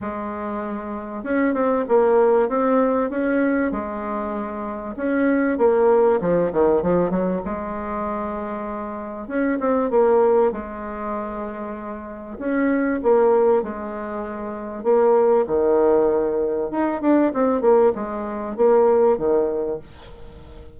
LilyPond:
\new Staff \with { instrumentName = "bassoon" } { \time 4/4 \tempo 4 = 97 gis2 cis'8 c'8 ais4 | c'4 cis'4 gis2 | cis'4 ais4 f8 dis8 f8 fis8 | gis2. cis'8 c'8 |
ais4 gis2. | cis'4 ais4 gis2 | ais4 dis2 dis'8 d'8 | c'8 ais8 gis4 ais4 dis4 | }